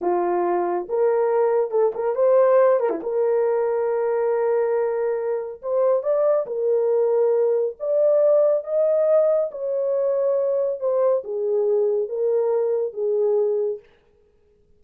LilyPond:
\new Staff \with { instrumentName = "horn" } { \time 4/4 \tempo 4 = 139 f'2 ais'2 | a'8 ais'8 c''4. ais'16 e'16 ais'4~ | ais'1~ | ais'4 c''4 d''4 ais'4~ |
ais'2 d''2 | dis''2 cis''2~ | cis''4 c''4 gis'2 | ais'2 gis'2 | }